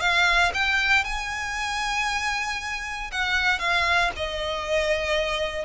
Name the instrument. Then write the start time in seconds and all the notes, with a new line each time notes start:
violin
0.00 F5
0.53 G5
1.04 G#5
3.11 F#5
3.59 F5
4.16 D#5